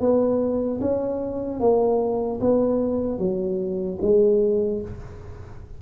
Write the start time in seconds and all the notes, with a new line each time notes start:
0.00 B3
0.81 C#4
1.60 A#3
2.40 B3
3.18 F#3
4.01 G#3